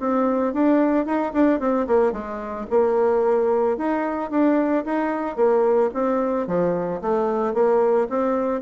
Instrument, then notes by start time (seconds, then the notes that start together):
bassoon
0.00 C4
0.54 D4
1.06 D#4
1.33 D4
1.60 C4
1.87 A#3
2.12 G#3
2.71 A#3
3.78 D#4
4.31 D4
4.85 D#4
5.36 A#3
5.94 C4
6.47 F3
7.01 A3
7.54 A#3
8.10 C4